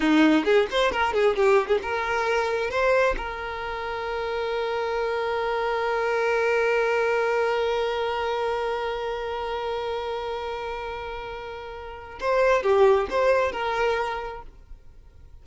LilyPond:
\new Staff \with { instrumentName = "violin" } { \time 4/4 \tempo 4 = 133 dis'4 gis'8 c''8 ais'8 gis'8 g'8. gis'16 | ais'2 c''4 ais'4~ | ais'1~ | ais'1~ |
ais'1~ | ais'1~ | ais'2. c''4 | g'4 c''4 ais'2 | }